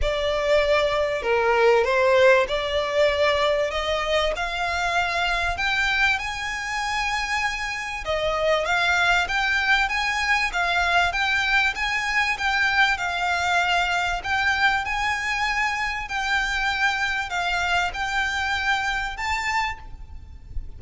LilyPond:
\new Staff \with { instrumentName = "violin" } { \time 4/4 \tempo 4 = 97 d''2 ais'4 c''4 | d''2 dis''4 f''4~ | f''4 g''4 gis''2~ | gis''4 dis''4 f''4 g''4 |
gis''4 f''4 g''4 gis''4 | g''4 f''2 g''4 | gis''2 g''2 | f''4 g''2 a''4 | }